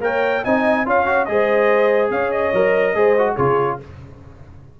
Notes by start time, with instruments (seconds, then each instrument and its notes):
0.00 tuba A#3, trombone A#4, horn C#5, trumpet G5
0.44 tuba C4, trombone D#4, horn D#5, trumpet G#5
0.85 tuba C#4, trombone F4, horn C#5, trumpet F5
1.06 trombone F#4
1.25 tuba G#3, trombone G#4, trumpet D#5
1.31 horn C5
2.10 tuba C#4, horn C#5, trumpet F5
2.31 trumpet D#5
2.53 tuba F#3, trombone A#4
2.94 tuba G#3, trombone G#4, horn C5
3.18 trombone F#4
3.33 tuba C#3, trombone F4, horn G#4, trumpet C#5